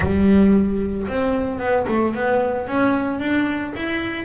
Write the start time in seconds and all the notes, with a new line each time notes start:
0.00 G3
1.07 C4
1.59 B3
1.88 A3
2.14 B3
2.67 C#4
3.19 D4
3.76 E4